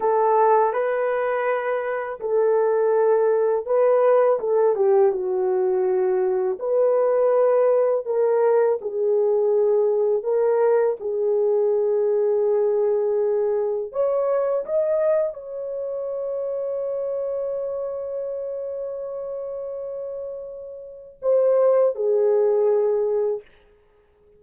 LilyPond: \new Staff \with { instrumentName = "horn" } { \time 4/4 \tempo 4 = 82 a'4 b'2 a'4~ | a'4 b'4 a'8 g'8 fis'4~ | fis'4 b'2 ais'4 | gis'2 ais'4 gis'4~ |
gis'2. cis''4 | dis''4 cis''2.~ | cis''1~ | cis''4 c''4 gis'2 | }